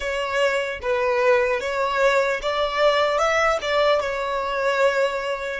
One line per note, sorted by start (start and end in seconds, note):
0.00 0.79 C#5
0.81 1.60 B4
1.60 2.40 C#5
2.42 3.18 D5
3.18 3.58 E5
3.61 4.00 D5
4.00 5.60 C#5